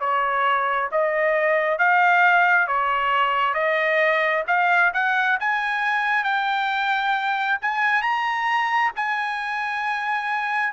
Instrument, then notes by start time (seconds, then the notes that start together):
trumpet
0.00 C#5
0.92 D#5
1.78 F5
2.67 C#5
3.54 D#5
4.47 F5
4.93 F#5
5.40 G#5
6.24 G5
7.62 G#5
8.02 A#5
8.96 G#5